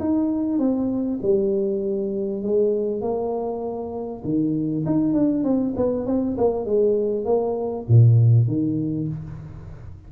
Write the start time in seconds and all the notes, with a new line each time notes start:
0.00 D#4
0.59 C4
1.23 G3
2.43 G#3
3.01 A#3
4.24 D#3
4.86 D#4
5.14 D4
5.44 C4
5.77 B3
6.06 C4
6.37 A#3
6.66 G#3
7.25 A#3
7.89 A#2
8.48 D#3